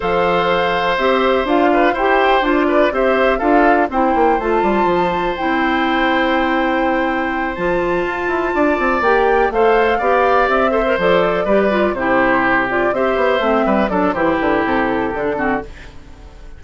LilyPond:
<<
  \new Staff \with { instrumentName = "flute" } { \time 4/4 \tempo 4 = 123 f''2 e''4 f''4 | g''4 d''4 e''4 f''4 | g''4 a''2 g''4~ | g''2.~ g''8 a''8~ |
a''2~ a''8 g''4 f''8~ | f''4. e''4 d''4.~ | d''8 c''4. d''8 e''4.~ | e''8 d''8 c''8 b'8 a'2 | }
  \new Staff \with { instrumentName = "oboe" } { \time 4/4 c''2.~ c''8 b'8 | c''4. b'8 c''4 a'4 | c''1~ | c''1~ |
c''4. d''2 c''8~ | c''8 d''4. c''4. b'8~ | b'8 g'2 c''4. | b'8 a'8 g'2~ g'8 fis'8 | }
  \new Staff \with { instrumentName = "clarinet" } { \time 4/4 a'2 g'4 f'4 | g'4 f'4 g'4 f'4 | e'4 f'2 e'4~ | e'2.~ e'8 f'8~ |
f'2~ f'8 g'4 a'8~ | a'8 g'4. a'16 ais'16 a'4 g'8 | f'8 e'4. f'8 g'4 c'8~ | c'8 d'8 e'2 d'8 c'8 | }
  \new Staff \with { instrumentName = "bassoon" } { \time 4/4 f2 c'4 d'4 | e'4 d'4 c'4 d'4 | c'8 ais8 a8 g8 f4 c'4~ | c'2.~ c'8 f8~ |
f8 f'8 e'8 d'8 c'8 ais4 a8~ | a8 b4 c'4 f4 g8~ | g8 c2 c'8 b8 a8 | g8 fis8 e8 d8 c4 d4 | }
>>